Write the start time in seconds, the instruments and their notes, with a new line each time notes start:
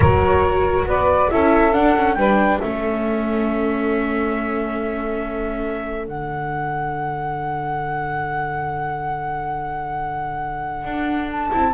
0.00 double bass F#3, viola F#4, saxophone A#4, flute C#5
0.85 double bass B3, saxophone B4, flute D5
1.30 double bass C#4, viola E4, saxophone A4, flute E5
1.72 viola D4, double bass D4, flute F#5
1.96 viola C#4
2.14 double bass G3, viola D4, saxophone B4, flute G5
2.59 double bass A3, viola C#4, saxophone A4, flute E5
6.06 double bass D3, viola D4, flute F#5
10.84 double bass D4
11.31 flute A5
11.51 double bass C4, viola E4